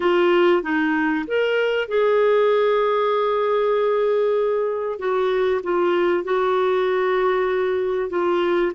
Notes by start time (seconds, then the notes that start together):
0.00 F4
0.62 D#4
1.27 A#4
1.88 G#4
4.98 F#4
5.62 F4
6.24 F#4
8.09 F4